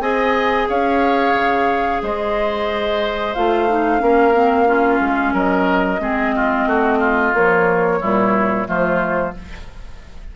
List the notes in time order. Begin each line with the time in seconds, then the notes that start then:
0.00 C4 G#4 D#5 G#5
0.68 C#4 C#5 F5
1.34 C#3
2.02 G#3 C5 D#5
3.33 A3 F4 F5
3.68 D#4
3.99 A#3 C#4 A#4
4.33 C4
4.65 C#4 F4
5.00 G#3
5.33 F#3 A#4 D#5
5.99 G#3 C4 G#4
6.35 F4
6.66 A3 F#4
6.98 F4
7.34 F3 A#3 C#5
8.01 A#2 G3 E4
8.65 F3 A3 F4 C5